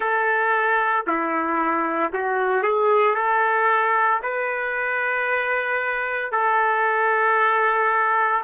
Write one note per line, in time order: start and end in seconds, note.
0.00 1.05 A4
1.06 2.11 E4
2.12 2.62 F#4
2.62 3.14 G#4
3.14 4.20 A4
4.22 6.31 B4
6.31 8.42 A4